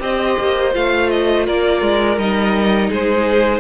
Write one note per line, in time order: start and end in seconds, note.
0.00 0.37 C4
0.00 0.72 G4
0.00 1.47 C5
0.00 0.74 D#5
0.39 0.75 A#3
0.73 1.48 A3
0.73 2.18 F4
0.73 1.10 F5
1.10 1.46 D#5
1.47 1.82 A#3
1.47 2.90 A#4
1.47 2.19 D5
1.82 2.18 G#3
2.18 2.90 G3
2.18 3.60 D#4
2.18 2.91 D#5
2.90 3.60 G#3
2.90 3.60 G#4
2.90 3.60 C5